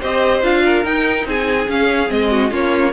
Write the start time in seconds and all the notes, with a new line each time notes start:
0.00 C4 G4 C5 D#5
0.43 D4 F4 F5
0.64 A#4
0.84 D#4 G5
1.26 C4 G#4 G#5
1.68 C#4 F5
2.07 G#3 C4 D#5
2.31 F#4
2.50 A#3 C#4 F4 C#5